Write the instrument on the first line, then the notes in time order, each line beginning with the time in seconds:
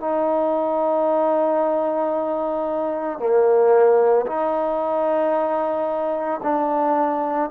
trombone
0.00 D#4
3.19 A#3
4.26 D#4
6.43 D4